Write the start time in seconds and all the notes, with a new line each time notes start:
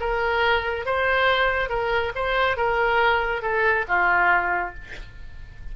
0.00 A#4
0.85 C5
1.69 A#4
2.15 C5
2.57 A#4
3.42 A4
3.88 F4